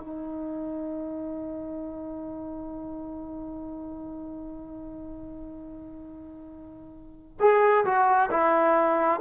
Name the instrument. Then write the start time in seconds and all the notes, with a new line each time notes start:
trombone
0.00 D#4
7.40 G#4
7.85 F#4
8.31 E4